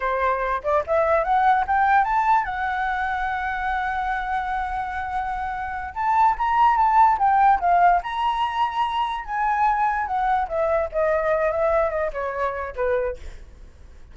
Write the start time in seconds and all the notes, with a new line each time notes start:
0.00 C5
0.63 D5
0.86 E5
1.23 F#5
1.67 G5
2.04 A5
2.44 F#5
5.94 A5
6.38 A#5
6.77 A5
7.18 G5
7.60 F5
8.02 A#5
9.25 G#5
10.06 F#5
10.48 E5
10.92 D#5
11.51 E5
11.90 D#5
12.12 C#5
12.75 B4